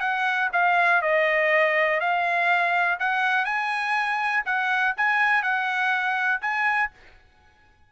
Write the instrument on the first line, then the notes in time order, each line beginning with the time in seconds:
trumpet
0.00 F#5
0.52 F5
1.01 D#5
2.00 F5
2.99 F#5
3.44 G#5
4.45 F#5
4.96 G#5
5.42 F#5
6.41 G#5